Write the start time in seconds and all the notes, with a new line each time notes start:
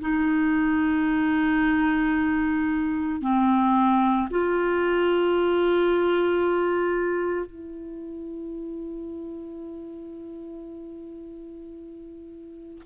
0.00 D#4
3.21 C4
4.30 F4
7.46 E4